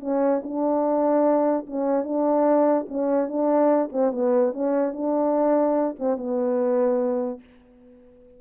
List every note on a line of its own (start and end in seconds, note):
0.00 0.41 C#4
0.43 1.66 D4
1.66 2.03 C#4
2.03 2.86 D4
2.88 3.28 C#4
3.28 3.89 D4
3.92 4.12 C4
4.12 4.53 B3
4.53 4.93 C#4
4.93 5.95 D4
5.99 6.17 C4
6.17 7.40 B3